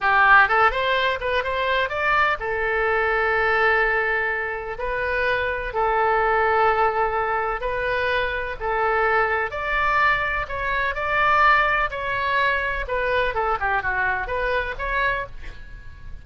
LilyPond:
\new Staff \with { instrumentName = "oboe" } { \time 4/4 \tempo 4 = 126 g'4 a'8 c''4 b'8 c''4 | d''4 a'2.~ | a'2 b'2 | a'1 |
b'2 a'2 | d''2 cis''4 d''4~ | d''4 cis''2 b'4 | a'8 g'8 fis'4 b'4 cis''4 | }